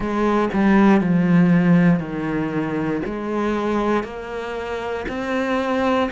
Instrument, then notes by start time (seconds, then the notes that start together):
cello
0.00 G#3
0.53 G3
1.00 F3
1.99 D#3
3.05 G#3
4.04 A#3
5.08 C4